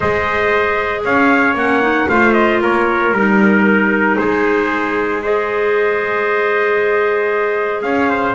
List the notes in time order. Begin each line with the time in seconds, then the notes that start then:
0.00 G#3 G#4 C5 D#5
1.04 C#4 C#5 F5
1.54 A#3 C#4 F#5
1.81 D#4
2.09 A3 F4 C5 F5
2.33 D#5
2.61 A#3 A#4 C#5
3.12 G3 D#4 A#4
4.17 G#3 G#4 C5
5.22 G#4 C5 D#5
7.82 C#4 C#5 F5
8.09 C5